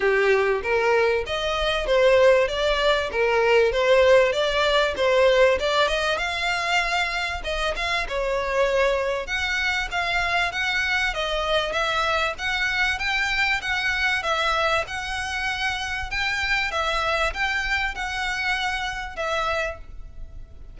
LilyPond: \new Staff \with { instrumentName = "violin" } { \time 4/4 \tempo 4 = 97 g'4 ais'4 dis''4 c''4 | d''4 ais'4 c''4 d''4 | c''4 d''8 dis''8 f''2 | dis''8 f''8 cis''2 fis''4 |
f''4 fis''4 dis''4 e''4 | fis''4 g''4 fis''4 e''4 | fis''2 g''4 e''4 | g''4 fis''2 e''4 | }